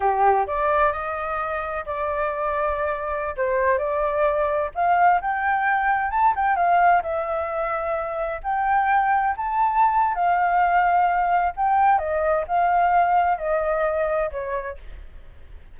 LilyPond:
\new Staff \with { instrumentName = "flute" } { \time 4/4 \tempo 4 = 130 g'4 d''4 dis''2 | d''2.~ d''16 c''8.~ | c''16 d''2 f''4 g''8.~ | g''4~ g''16 a''8 g''8 f''4 e''8.~ |
e''2~ e''16 g''4.~ g''16~ | g''16 a''4.~ a''16 f''2~ | f''4 g''4 dis''4 f''4~ | f''4 dis''2 cis''4 | }